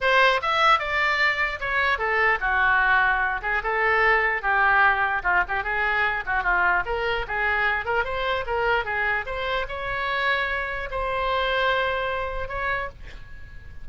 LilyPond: \new Staff \with { instrumentName = "oboe" } { \time 4/4 \tempo 4 = 149 c''4 e''4 d''2 | cis''4 a'4 fis'2~ | fis'8 gis'8 a'2 g'4~ | g'4 f'8 g'8 gis'4. fis'8 |
f'4 ais'4 gis'4. ais'8 | c''4 ais'4 gis'4 c''4 | cis''2. c''4~ | c''2. cis''4 | }